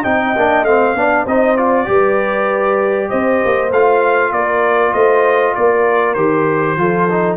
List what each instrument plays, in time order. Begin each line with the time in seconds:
0.00 tuba C4, trombone D#4, horn D#5, trumpet G5
0.36 tuba A#3, trombone D4
0.63 tuba A3, trombone C4, trumpet F5
0.94 tuba B3, trombone D4, horn D5
1.24 tuba C4, trombone D#4, horn C5, trumpet D#5
1.56 trombone F4, trumpet D5
1.85 tuba G3, trombone G4, horn B4
3.09 tuba C4, horn C5, trumpet D#5
3.44 tuba A#3
3.71 tuba A3, trombone F4, trumpet F5
4.31 tuba A#3, horn A#4, trumpet D5
4.92 tuba A3, horn C5, trumpet D#5
5.55 tuba A#3, horn A#4, trumpet D5
6.13 tuba D#3, trombone G4, trumpet C5
6.76 tuba F3, trombone F4, horn A4
7.09 trombone D#4